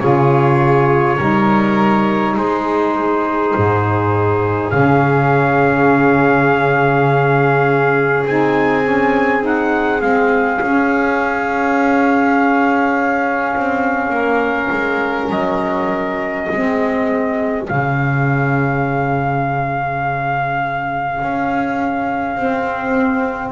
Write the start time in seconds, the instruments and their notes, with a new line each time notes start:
0.00 double bass C#3, saxophone F4, violin G#4, trumpet C#5
1.17 double bass G3, saxophone D#4, violin A#4
2.37 double bass G#3, violin G#4, trumpet C5
3.57 double bass G#2
4.71 double bass C#3, saxophone C#4, trumpet F5
8.26 double bass C4, saxophone D#4, trumpet G#5
8.83 saxophone C#4
9.41 saxophone D#4, trumpet F#5
10.01 double bass G#3, saxophone C4, trumpet F5
10.61 saxophone C#4, double bass C#4
13.56 double bass C4
14.10 double bass A#3, violin A#4
14.72 double bass G#3
15.30 double bass F#3, trumpet D#5
16.48 double bass G#3, saxophone C4, violin G#4
17.66 double bass C#3, saxophone C#4, trumpet F5
21.22 double bass C#4
22.36 double bass C4, saxophone C4